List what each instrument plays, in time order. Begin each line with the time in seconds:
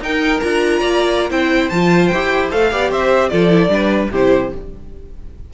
0.00 cello D#4, viola D#4, violin A#4 G5
0.40 cello D4, viola F4, violin A#5
0.80 cello A#3, violin D5
1.30 cello C4, viola E4, violin C5 G5
1.69 cello F3, viola F4, violin A5
2.07 cello E4, viola G4, violin G5
2.51 cello A3, viola A4, violin F5
2.71 cello B3, viola G4, violin D5
2.91 cello C4, violin C5 E5
3.29 cello F3, viola F4, violin A4 D5
3.49 viola E4
3.68 cello G3, viola D4, violin B4
4.11 cello C3, viola E4, violin G4 C5